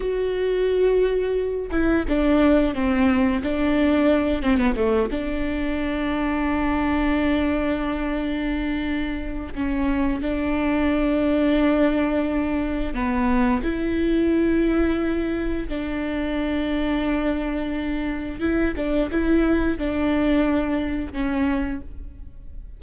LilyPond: \new Staff \with { instrumentName = "viola" } { \time 4/4 \tempo 4 = 88 fis'2~ fis'8 e'8 d'4 | c'4 d'4. c'16 b16 a8 d'8~ | d'1~ | d'2 cis'4 d'4~ |
d'2. b4 | e'2. d'4~ | d'2. e'8 d'8 | e'4 d'2 cis'4 | }